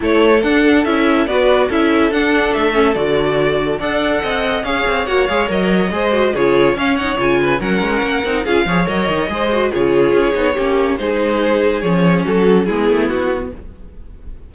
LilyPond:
<<
  \new Staff \with { instrumentName = "violin" } { \time 4/4 \tempo 4 = 142 cis''4 fis''4 e''4 d''4 | e''4 fis''4 e''4 d''4~ | d''4 fis''2 f''4 | fis''8 f''8 dis''2 cis''4 |
f''8 fis''8 gis''4 fis''2 | f''4 dis''2 cis''4~ | cis''2 c''2 | cis''4 a'4 gis'4 fis'4 | }
  \new Staff \with { instrumentName = "violin" } { \time 4/4 a'2. b'4 | a'1~ | a'4 d''4 dis''4 cis''4~ | cis''2 c''4 gis'4 |
cis''4. b'8 ais'2 | gis'8 cis''4. c''4 gis'4~ | gis'4 g'4 gis'2~ | gis'4 fis'4 e'2 | }
  \new Staff \with { instrumentName = "viola" } { \time 4/4 e'4 d'4 e'4 fis'4 | e'4 d'4. cis'8 fis'4~ | fis'4 a'2 gis'4 | fis'8 gis'8 ais'4 gis'8 fis'8 f'4 |
cis'8 dis'8 f'4 cis'4. dis'8 | f'8 gis'8 ais'4 gis'8 fis'8 f'4~ | f'8 dis'8 cis'4 dis'2 | cis'2 b2 | }
  \new Staff \with { instrumentName = "cello" } { \time 4/4 a4 d'4 cis'4 b4 | cis'4 d'4 a4 d4~ | d4 d'4 c'4 cis'8 c'8 | ais8 gis8 fis4 gis4 cis4 |
cis'4 cis4 fis8 gis8 ais8 c'8 | cis'8 f8 fis8 dis8 gis4 cis4 | cis'8 b8 ais4 gis2 | f4 fis4 gis8 a8 b4 | }
>>